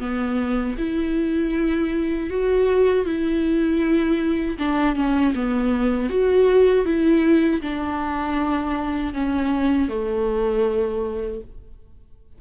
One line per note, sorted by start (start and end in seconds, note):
0.00 0.76 B3
0.78 2.30 E4
2.31 3.06 F#4
3.06 4.58 E4
4.59 4.96 D4
4.96 5.34 C#4
5.35 6.10 B3
6.10 6.86 F#4
6.86 7.62 E4
7.62 9.14 D4
9.14 9.89 C#4
9.89 11.41 A3